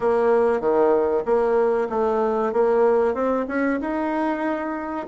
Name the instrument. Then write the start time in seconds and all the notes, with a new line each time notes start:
bassoon
0.00 A#3
0.60 D#3
1.25 A#3
1.89 A3
2.53 A#3
3.14 C4
3.47 C#4
3.80 D#4